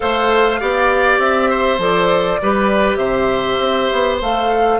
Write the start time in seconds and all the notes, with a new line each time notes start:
0.00 A3 A4 C5 F5
0.60 B3 G4 D5
1.18 C4 E5
1.50 C5
1.78 F3 A4 D5
2.42 G3 G4 B4
2.96 C3 C5 E5
3.59 C4
3.92 B3
4.21 A3 A4 F5